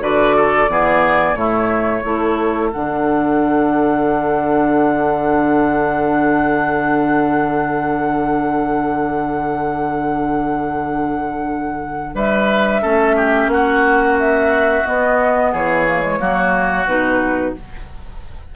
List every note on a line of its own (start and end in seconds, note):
0.00 0.68 D3
0.00 0.67 F#4
0.00 0.36 B4
0.00 1.35 D5
0.37 0.70 A4
0.69 1.34 E3
0.69 1.36 B3
0.69 1.39 G#4
1.34 2.01 A2
1.34 2.04 A3
1.34 2.03 E4
1.34 2.70 C#5
2.03 2.72 A3
2.03 2.71 E4
2.03 12.14 A4
2.72 12.14 D3
2.72 12.82 D4
2.72 12.16 F#5
12.14 12.82 G3
12.14 12.82 B4
12.14 13.50 E5
12.82 13.47 A3
12.82 14.85 C#4
12.82 13.15 A4
13.16 13.50 G4
13.47 14.82 A#3
13.47 14.17 F#5
13.54 15.52 F#4
14.19 14.86 E5
14.86 15.87 B3
14.86 15.53 B3
14.86 15.53 D#5
15.52 16.20 E3
15.52 16.19 G#4
15.52 16.87 C#5
15.87 16.02 A#3
16.02 16.19 G#3
16.20 16.86 F#3
16.20 16.87 A#3
16.20 17.55 F#4
16.86 17.54 B2
16.86 17.55 D#4
16.86 17.54 B4